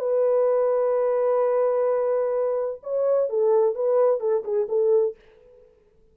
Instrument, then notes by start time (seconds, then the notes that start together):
horn
0.00 B4
2.84 C#5
3.30 A4
3.76 B4
4.21 A4
4.44 G#4
4.69 A4